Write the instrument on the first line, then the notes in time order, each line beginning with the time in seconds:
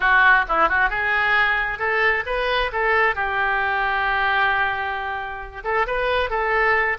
oboe
0.00 F#4
0.48 E4
0.68 F#4
0.89 G#4
1.79 A4
2.26 B4
2.72 A4
3.15 G4
5.63 A4
5.86 B4
6.30 A4